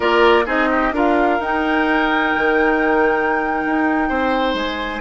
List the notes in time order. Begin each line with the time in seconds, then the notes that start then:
0.00 A#3 F4 A#4 D5
0.45 C4 D#4 G#4 D#5
0.70 G4
0.92 D4 F4 A#4 F5
1.39 D#4 G5
2.36 D#3
3.65 D#4
4.08 C4 C5
4.54 G#3 G#5